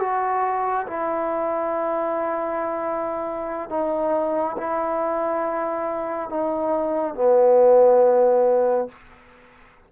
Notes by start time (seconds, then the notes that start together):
0.00 F#4
0.87 E4
3.70 D#4
4.58 E4
6.30 D#4
7.15 B3